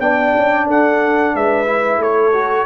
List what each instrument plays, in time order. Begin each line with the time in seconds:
0.00 tuba B3, trombone D4, horn D5, trumpet G5
0.35 tuba C#4
0.67 tuba D4, horn A4, trumpet F#5
1.34 tuba G#3, horn B4, trumpet E5
1.66 trombone E4
1.98 tuba A3, horn A4, trumpet C#5
2.34 trombone F#4